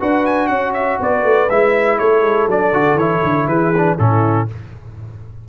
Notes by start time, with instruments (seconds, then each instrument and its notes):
0.00 tuba D4, trombone F#4, horn B4, trumpet F#5
0.26 trumpet G#5
0.48 tuba C#4, horn C#5, trumpet F#5
0.74 trumpet E5
1.00 tuba B3, horn B4, trumpet D5
1.24 tuba A3
1.50 tuba G#3, trombone E4, trumpet E5
1.99 tuba A3, horn A4, trumpet C#5
2.22 tuba G#3
2.48 tuba F#3, trombone D4, trumpet D5
2.73 tuba D3, trombone F#4
2.95 tuba E3, trombone E4, trumpet C#5
3.24 tuba D3
3.48 tuba E3, horn G#4, trumpet B4
3.77 trombone D4
3.98 tuba A2, trombone C#4, horn E4, trumpet A4